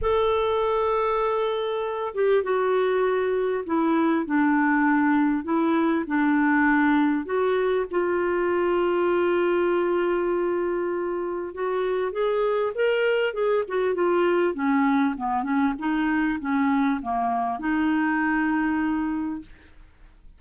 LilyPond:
\new Staff \with { instrumentName = "clarinet" } { \time 4/4 \tempo 4 = 99 a'2.~ a'8 g'8 | fis'2 e'4 d'4~ | d'4 e'4 d'2 | fis'4 f'2.~ |
f'2. fis'4 | gis'4 ais'4 gis'8 fis'8 f'4 | cis'4 b8 cis'8 dis'4 cis'4 | ais4 dis'2. | }